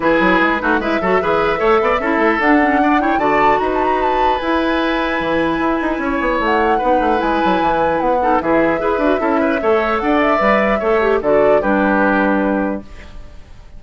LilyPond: <<
  \new Staff \with { instrumentName = "flute" } { \time 4/4 \tempo 4 = 150 b'2 e''2~ | e''2 fis''4. g''8 | a''4 ais''16 a''16 ais''8 a''4 gis''4~ | gis''1 |
fis''2 gis''2 | fis''4 e''2.~ | e''4 fis''8 e''2~ e''8 | d''4 b'2. | }
  \new Staff \with { instrumentName = "oboe" } { \time 4/4 gis'4. fis'8 b'8 a'8 b'4 | cis''8 d''8 a'2 d''8 cis''8 | d''4 b'2.~ | b'2. cis''4~ |
cis''4 b'2.~ | b'8 a'8 gis'4 b'4 a'8 b'8 | cis''4 d''2 cis''4 | a'4 g'2. | }
  \new Staff \with { instrumentName = "clarinet" } { \time 4/4 e'4. dis'8 e'8 fis'8 gis'4 | a'4 e'4 d'8 cis'8 d'8 e'8 | fis'2. e'4~ | e'1~ |
e'4 dis'4 e'2~ | e'8 dis'8 e'4 gis'8 fis'8 e'4 | a'2 b'4 a'8 g'8 | fis'4 d'2. | }
  \new Staff \with { instrumentName = "bassoon" } { \time 4/4 e8 fis8 gis8 a8 gis8 fis8 e4 | a8 b8 cis'8 a8 d'2 | d4 dis'2 e'4~ | e'4 e4 e'8 dis'8 cis'8 b8 |
a4 b8 a8 gis8 fis8 e4 | b4 e4 e'8 d'8 cis'4 | a4 d'4 g4 a4 | d4 g2. | }
>>